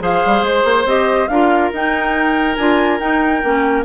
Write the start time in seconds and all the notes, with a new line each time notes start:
0.00 F3 G#4 C5 F5
0.26 G3
0.42 G#3 C5
0.64 A#3
0.86 C4 G4 D#5
1.28 D4 F4 A#4 F5
1.73 D#4 G5
2.56 D4 F4 G#5
3.00 D#4 G5
3.43 A#3 C#4